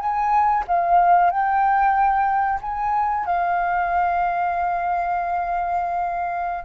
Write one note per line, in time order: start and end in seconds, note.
0.00 0.65 G#5
0.68 1.31 F5
1.31 2.60 G5
2.62 3.26 G#5
3.26 6.65 F5